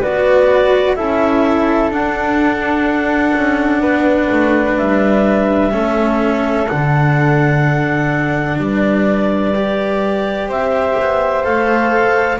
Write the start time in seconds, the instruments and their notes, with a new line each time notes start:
0.00 double bass B3, cello F#4, flute B4, clarinet D5
0.95 double bass C#4, cello E4, flute A4, clarinet E5
1.90 double bass D4, cello D4, clarinet F#5
3.34 double bass C#4
3.81 double bass B3, flute B4
4.31 double bass A3
4.77 double bass G3, clarinet E5
5.71 double bass A3, cello C#4, flute A4
6.67 double bass D3, cello D4, clarinet F#5
8.58 double bass G3, flute B4, clarinet D5
9.55 cello G4
10.48 double bass C4, flute C5, clarinet E5
10.99 double bass B3
11.43 double bass A3, cello A4, clarinet F5